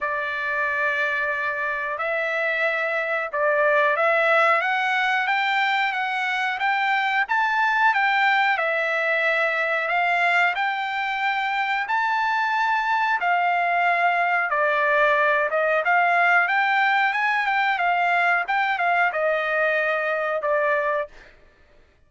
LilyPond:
\new Staff \with { instrumentName = "trumpet" } { \time 4/4 \tempo 4 = 91 d''2. e''4~ | e''4 d''4 e''4 fis''4 | g''4 fis''4 g''4 a''4 | g''4 e''2 f''4 |
g''2 a''2 | f''2 d''4. dis''8 | f''4 g''4 gis''8 g''8 f''4 | g''8 f''8 dis''2 d''4 | }